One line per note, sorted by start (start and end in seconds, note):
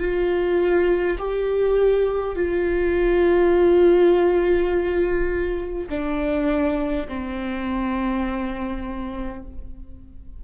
0.00 1.18 F4
1.19 2.36 G4
2.36 5.89 F4
5.90 7.07 D4
7.08 9.43 C4